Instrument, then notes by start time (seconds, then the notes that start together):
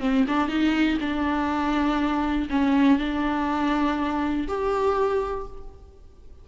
viola
0.00 C4
0.28 D4
0.48 D#4
1.01 D4
2.50 C#4
2.99 D4
4.48 G4